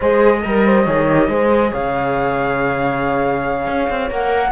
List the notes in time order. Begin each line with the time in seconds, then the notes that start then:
0.00 G#3 G#4 C5 D#5
0.42 G3 A#4
0.66 C5
0.85 D#3 G#4 C#5
1.09 G4
1.28 G#3 G#4 C5
1.71 C#3 C#5 F5
3.67 C#4
3.89 C4
4.10 A#3 A#4 F#5